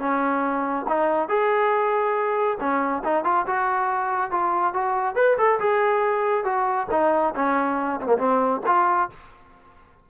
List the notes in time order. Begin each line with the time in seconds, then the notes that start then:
0.00 C#4
0.88 D#4
1.29 G#4
2.60 C#4
3.05 D#4
3.25 F4
3.47 F#4
4.31 F4
4.74 F#4
5.16 B4
5.38 A4
5.60 G#4
6.45 F#4
6.91 D#4
7.36 C#4
8.01 A#3 C4
8.18 C4
8.67 F4